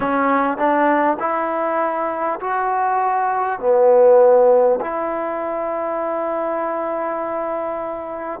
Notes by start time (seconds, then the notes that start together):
0.00 C#4
0.57 D4
1.19 E4
2.40 F#4
3.59 B3
4.81 E4